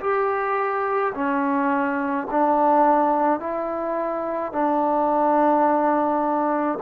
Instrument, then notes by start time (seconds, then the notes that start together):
trombone
0.00 G4
1.15 C#4
2.31 D4
3.40 E4
4.52 D4